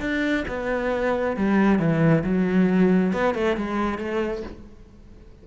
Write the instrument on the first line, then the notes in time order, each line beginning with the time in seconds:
cello
0.00 D4
0.47 B3
1.36 G3
1.79 E3
2.24 F#3
3.13 B3
3.34 A3
3.56 G#3
3.98 A3